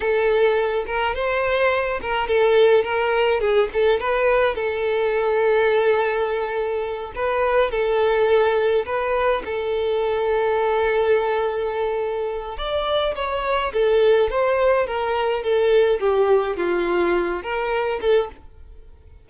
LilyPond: \new Staff \with { instrumentName = "violin" } { \time 4/4 \tempo 4 = 105 a'4. ais'8 c''4. ais'8 | a'4 ais'4 gis'8 a'8 b'4 | a'1~ | a'8 b'4 a'2 b'8~ |
b'8 a'2.~ a'8~ | a'2 d''4 cis''4 | a'4 c''4 ais'4 a'4 | g'4 f'4. ais'4 a'8 | }